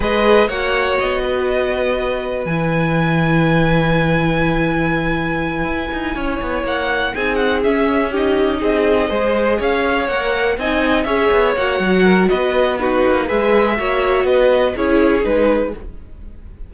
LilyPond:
<<
  \new Staff \with { instrumentName = "violin" } { \time 4/4 \tempo 4 = 122 dis''4 fis''4 dis''2~ | dis''4 gis''2.~ | gis''1~ | gis''4. fis''4 gis''8 fis''8 e''8~ |
e''8 dis''2. f''8~ | f''8 fis''4 gis''4 e''4 fis''8~ | fis''4 dis''4 b'4 e''4~ | e''4 dis''4 cis''4 b'4 | }
  \new Staff \with { instrumentName = "violin" } { \time 4/4 b'4 cis''4. b'4.~ | b'1~ | b'1~ | b'8 cis''2 gis'4.~ |
gis'8 g'4 gis'4 c''4 cis''8~ | cis''4. dis''4 cis''4.~ | cis''8 ais'8 b'4 fis'4 b'4 | cis''4 b'4 gis'2 | }
  \new Staff \with { instrumentName = "viola" } { \time 4/4 gis'4 fis'2.~ | fis'4 e'2.~ | e'1~ | e'2~ e'8 dis'4 cis'8~ |
cis'8 dis'2 gis'4.~ | gis'8 ais'4 dis'4 gis'4 fis'8~ | fis'2 dis'4 gis'4 | fis'2 e'4 dis'4 | }
  \new Staff \with { instrumentName = "cello" } { \time 4/4 gis4 ais4 b2~ | b4 e2.~ | e2.~ e8 e'8 | dis'8 cis'8 b8 ais4 c'4 cis'8~ |
cis'4. c'4 gis4 cis'8~ | cis'8 ais4 c'4 cis'8 b8 ais8 | fis4 b4. ais8 gis4 | ais4 b4 cis'4 gis4 | }
>>